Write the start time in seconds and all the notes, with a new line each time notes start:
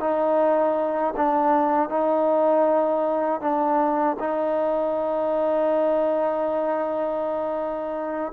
0.00 D#4
1.16 D4
1.89 D#4
3.41 D4
4.19 D#4